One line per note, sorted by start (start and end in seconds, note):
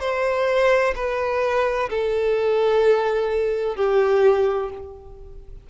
0.00 0.94 C5
0.95 1.89 B4
1.90 3.76 A4
3.76 4.70 G4